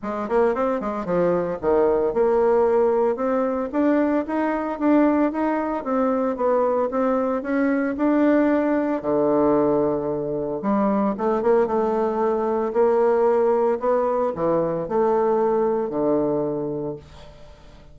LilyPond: \new Staff \with { instrumentName = "bassoon" } { \time 4/4 \tempo 4 = 113 gis8 ais8 c'8 gis8 f4 dis4 | ais2 c'4 d'4 | dis'4 d'4 dis'4 c'4 | b4 c'4 cis'4 d'4~ |
d'4 d2. | g4 a8 ais8 a2 | ais2 b4 e4 | a2 d2 | }